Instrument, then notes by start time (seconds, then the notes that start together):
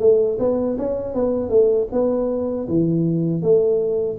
tuba
0.00 A3
0.39 B3
0.78 C#4
1.14 B3
1.50 A3
1.92 B3
2.68 E3
3.42 A3